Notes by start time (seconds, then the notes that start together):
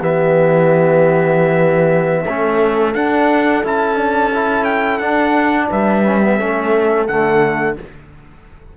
0.00 E3 B3 G4 E5
2.25 A3 C#4 A4
2.95 D4 F#5
3.64 C#4 E4 A5
3.97 D4
4.34 E4
4.65 G5
4.98 D4 F#5
5.69 G3 B4 E5
6.05 C#4
6.22 B3
6.36 A3 C#4 A4
7.07 D3 A3 F#5